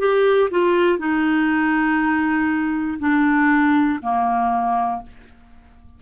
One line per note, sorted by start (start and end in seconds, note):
0.00 0.50 G4
0.51 0.99 F4
0.99 2.99 D#4
3.00 4.00 D4
4.02 5.02 A#3